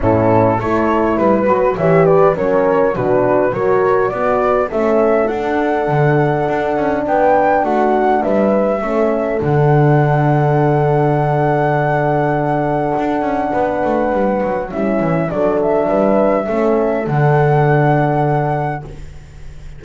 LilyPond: <<
  \new Staff \with { instrumentName = "flute" } { \time 4/4 \tempo 4 = 102 a'4 cis''4 b'4 e''8 d''8 | cis''4 b'4 cis''4 d''4 | e''4 fis''2. | g''4 fis''4 e''2 |
fis''1~ | fis''1~ | fis''4 e''4 d''8 e''4.~ | e''4 fis''2. | }
  \new Staff \with { instrumentName = "horn" } { \time 4/4 e'4 a'4 b'4 cis''8 b'8 | ais'4 fis'4 ais'4 fis'4 | a'1 | b'4 fis'4 b'4 a'4~ |
a'1~ | a'2. b'4~ | b'4 e'4 a'4 b'4 | a'1 | }
  \new Staff \with { instrumentName = "horn" } { \time 4/4 cis'4 e'4. fis'8 g'4 | cis'4 d'4 fis'4 b4 | cis'4 d'2.~ | d'2. cis'4 |
d'1~ | d'1~ | d'4 cis'4 d'2 | cis'4 d'2. | }
  \new Staff \with { instrumentName = "double bass" } { \time 4/4 a,4 a4 g8 fis8 e4 | fis4 b,4 fis4 b4 | a4 d'4 d4 d'8 cis'8 | b4 a4 g4 a4 |
d1~ | d2 d'8 cis'8 b8 a8 | g8 fis8 g8 e8 fis4 g4 | a4 d2. | }
>>